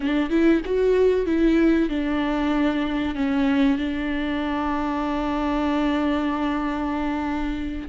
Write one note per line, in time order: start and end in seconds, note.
0.00 0.30 D4
0.30 0.61 E4
0.65 1.26 F#4
1.26 1.89 E4
1.89 3.15 D4
3.15 3.78 C#4
3.78 7.88 D4